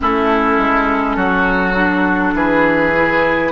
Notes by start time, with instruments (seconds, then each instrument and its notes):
0.00 bassoon A3, clarinet C#4, oboe E4, flute A4
0.58 bassoon G#3
1.16 bassoon F#3, oboe F#4
1.75 clarinet D4
2.33 bassoon E3, oboe G#4, flute B4
2.95 clarinet E4